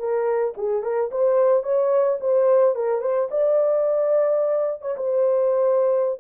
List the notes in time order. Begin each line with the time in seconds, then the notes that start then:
0.00 A#4
0.58 G#4
0.83 A#4
1.12 C5
1.64 C#5
2.21 C5
2.76 A#4
3.02 C5
3.31 D5
4.82 C#5
4.97 C5